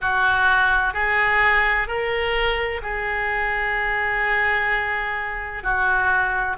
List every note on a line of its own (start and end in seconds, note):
0.01 0.93 F#4
0.93 1.87 G#4
1.87 2.81 A#4
2.82 5.62 G#4
5.62 6.56 F#4